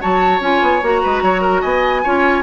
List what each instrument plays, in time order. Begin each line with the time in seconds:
0.00 bassoon F#3, clarinet F#4, oboe C#5, flute A5
0.40 bassoon C#4, clarinet F4, flute G#5
0.61 bassoon B3
0.82 bassoon A#3, clarinet F#4, flute A#5
1.02 bassoon G#3, oboe B4
1.22 bassoon F#3, oboe C#5
1.41 oboe A#4
1.61 bassoon B3, oboe D#5, flute G#5
2.03 bassoon C#4, clarinet F4, oboe C#5